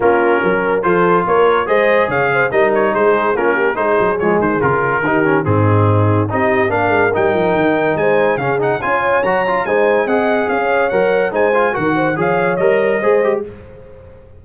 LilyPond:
<<
  \new Staff \with { instrumentName = "trumpet" } { \time 4/4 \tempo 4 = 143 ais'2 c''4 cis''4 | dis''4 f''4 dis''8 cis''8 c''4 | ais'4 c''4 cis''8 c''8 ais'4~ | ais'4 gis'2 dis''4 |
f''4 g''2 gis''4 | f''8 fis''8 gis''4 ais''4 gis''4 | fis''4 f''4 fis''4 gis''4 | fis''4 f''4 dis''2 | }
  \new Staff \with { instrumentName = "horn" } { \time 4/4 f'4 ais'4 a'4 ais'4 | c''4 cis''8 c''8 ais'4 gis'4 | f'8 g'8 gis'2. | g'4 dis'2 g'4 |
ais'2. c''4 | gis'4 cis''2 c''4 | dis''4 cis''2 c''4 | ais'8 c''8 cis''2 c''4 | }
  \new Staff \with { instrumentName = "trombone" } { \time 4/4 cis'2 f'2 | gis'2 dis'2 | cis'4 dis'4 gis4 f'4 | dis'8 cis'8 c'2 dis'4 |
d'4 dis'2. | cis'8 dis'8 f'4 fis'8 f'8 dis'4 | gis'2 ais'4 dis'8 f'8 | fis'4 gis'4 ais'4 gis'8 g'8 | }
  \new Staff \with { instrumentName = "tuba" } { \time 4/4 ais4 fis4 f4 ais4 | gis4 cis4 g4 gis4 | ais4 gis8 fis8 f8 dis8 cis4 | dis4 gis,2 c'4 |
ais8 gis8 g8 f8 dis4 gis4 | cis4 cis'4 fis4 gis4 | c'4 cis'4 fis4 gis4 | dis4 f4 g4 gis4 | }
>>